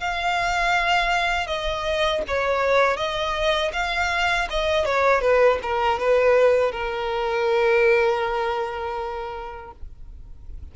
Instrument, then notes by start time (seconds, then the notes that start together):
violin
0.00 F5
1.47 D#5
2.27 C#5
2.97 D#5
3.73 F5
4.50 D#5
4.85 C#5
5.21 B4
5.62 A#4
5.99 B4
6.72 A#4